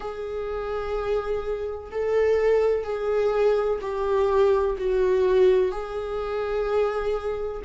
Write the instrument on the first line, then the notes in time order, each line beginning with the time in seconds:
viola
0.00 G#4
1.90 A4
2.84 G#4
3.81 G4
4.77 F#4
5.71 G#4